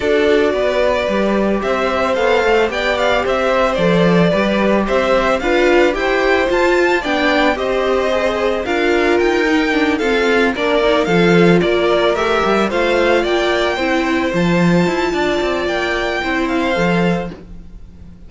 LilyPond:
<<
  \new Staff \with { instrumentName = "violin" } { \time 4/4 \tempo 4 = 111 d''2. e''4 | f''4 g''8 f''8 e''4 d''4~ | d''4 e''4 f''4 g''4 | a''4 g''4 dis''2 |
f''4 g''4. f''4 d''8~ | d''8 f''4 d''4 e''4 f''8~ | f''8 g''2 a''4.~ | a''4 g''4. f''4. | }
  \new Staff \with { instrumentName = "violin" } { \time 4/4 a'4 b'2 c''4~ | c''4 d''4 c''2 | b'4 c''4 b'4 c''4~ | c''4 d''4 c''2 |
ais'2~ ais'8 a'4 ais'8~ | ais'8 a'4 ais'2 c''8~ | c''8 d''4 c''2~ c''8 | d''2 c''2 | }
  \new Staff \with { instrumentName = "viola" } { \time 4/4 fis'2 g'2 | a'4 g'2 a'4 | g'2 f'4 g'4 | f'4 d'4 g'4 gis'4 |
f'4. dis'8 d'8 c'4 d'8 | dis'8 f'2 g'4 f'8~ | f'4. e'4 f'4.~ | f'2 e'4 a'4 | }
  \new Staff \with { instrumentName = "cello" } { \time 4/4 d'4 b4 g4 c'4 | b8 a8 b4 c'4 f4 | g4 c'4 d'4 e'4 | f'4 b4 c'2 |
d'4 dis'4. f'4 ais8~ | ais8 f4 ais4 a8 g8 a8~ | a8 ais4 c'4 f4 e'8 | d'8 c'8 ais4 c'4 f4 | }
>>